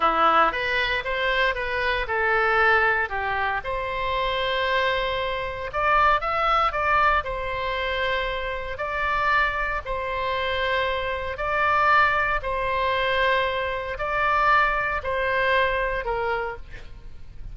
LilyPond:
\new Staff \with { instrumentName = "oboe" } { \time 4/4 \tempo 4 = 116 e'4 b'4 c''4 b'4 | a'2 g'4 c''4~ | c''2. d''4 | e''4 d''4 c''2~ |
c''4 d''2 c''4~ | c''2 d''2 | c''2. d''4~ | d''4 c''2 ais'4 | }